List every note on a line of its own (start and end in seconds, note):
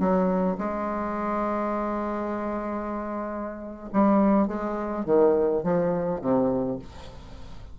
0.00 0.58 F#3
0.58 3.90 G#3
3.93 4.48 G3
4.48 5.06 G#3
5.06 5.64 D#3
5.64 6.21 F3
6.22 6.79 C3